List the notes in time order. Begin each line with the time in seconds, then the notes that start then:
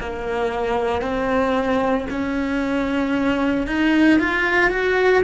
0.00 A#3
1.01 C4
2.10 C#4
3.67 D#4
4.19 F4
4.69 F#4